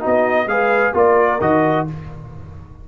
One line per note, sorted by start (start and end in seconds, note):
0.00 0.46 B3
0.00 0.46 D#4
0.00 0.46 F#4
0.00 0.48 D#5
0.46 0.92 G#3
0.46 0.94 G#4
0.46 0.96 B4
0.46 0.94 F5
0.94 1.39 A#3
0.94 1.40 F4
0.94 1.88 A#4
0.94 1.41 D5
1.41 1.86 D#3
1.41 1.87 F#4
1.41 1.86 D#5